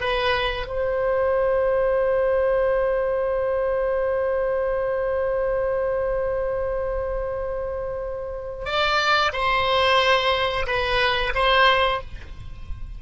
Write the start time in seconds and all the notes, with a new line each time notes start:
0.00 B4
0.66 C5
8.65 D5
9.32 C5
10.66 B4
11.34 C5